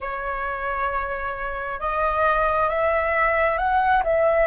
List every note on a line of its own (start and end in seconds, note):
0.00 1.80 C#5
1.80 2.69 D#5
2.69 3.58 E5
3.58 4.03 F#5
4.03 4.47 E5